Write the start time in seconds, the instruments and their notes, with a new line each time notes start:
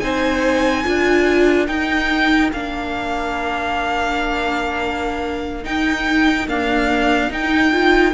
0.00 cello C4, viola D#4, violin C5 G#5
0.84 cello D4, viola F4, violin A#4
1.67 viola D#4, cello D#4, violin G5
2.53 cello A#3, viola D4, violin F5
5.64 viola D#4, cello D#4, violin G5
6.48 viola A#3, cello D4, violin F5
7.29 viola D#4, cello D#4, violin G5
7.72 viola F4